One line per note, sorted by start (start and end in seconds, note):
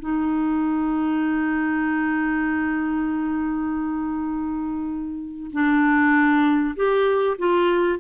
0.00 5.51 D#4
5.53 6.75 D4
6.76 7.37 G4
7.38 8.00 F4